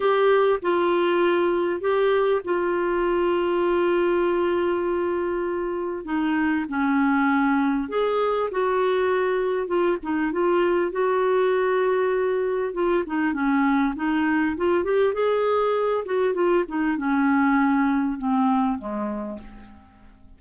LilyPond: \new Staff \with { instrumentName = "clarinet" } { \time 4/4 \tempo 4 = 99 g'4 f'2 g'4 | f'1~ | f'2 dis'4 cis'4~ | cis'4 gis'4 fis'2 |
f'8 dis'8 f'4 fis'2~ | fis'4 f'8 dis'8 cis'4 dis'4 | f'8 g'8 gis'4. fis'8 f'8 dis'8 | cis'2 c'4 gis4 | }